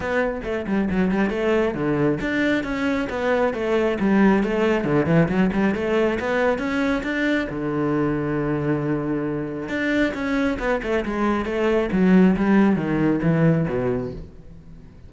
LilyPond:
\new Staff \with { instrumentName = "cello" } { \time 4/4 \tempo 4 = 136 b4 a8 g8 fis8 g8 a4 | d4 d'4 cis'4 b4 | a4 g4 a4 d8 e8 | fis8 g8 a4 b4 cis'4 |
d'4 d2.~ | d2 d'4 cis'4 | b8 a8 gis4 a4 fis4 | g4 dis4 e4 b,4 | }